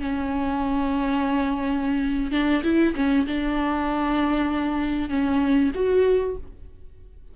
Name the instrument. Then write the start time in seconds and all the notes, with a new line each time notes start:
viola
0.00 C#4
2.31 D4
2.63 E4
2.95 C#4
3.27 D4
5.09 C#4
5.75 F#4